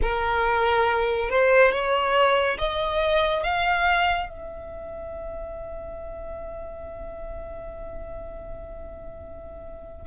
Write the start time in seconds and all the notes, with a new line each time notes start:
0.02 A#4
1.29 C5
1.71 C#5
2.58 D#5
3.43 F5
4.29 E5